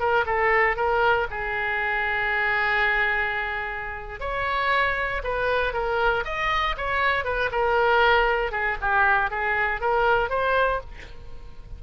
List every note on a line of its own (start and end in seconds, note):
0.00 0.25 A#4
0.26 0.77 A4
0.77 1.28 A#4
1.31 4.21 G#4
4.21 5.22 C#5
5.24 5.74 B4
5.74 6.24 A#4
6.25 6.76 D#5
6.78 7.25 C#5
7.25 7.50 B4
7.52 8.52 A#4
8.52 8.78 G#4
8.82 9.31 G4
9.31 9.81 G#4
9.81 10.30 A#4
10.30 10.81 C5